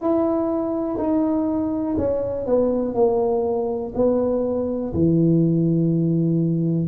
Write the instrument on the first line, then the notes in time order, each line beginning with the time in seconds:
tuba
0.01 E4
0.97 D#4
1.97 C#4
2.45 B3
2.94 A#3
3.94 B3
4.93 E3